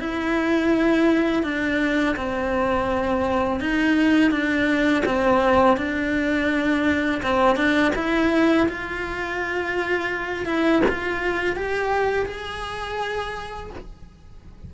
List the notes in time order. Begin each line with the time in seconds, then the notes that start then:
0.00 E4
1.43 D4
2.16 C4
3.60 D#4
4.31 D4
5.06 C4
5.77 D4
7.23 C4
7.56 D4
7.96 E4
8.68 F4
10.46 E4
10.89 F4
11.56 G4
12.26 G#4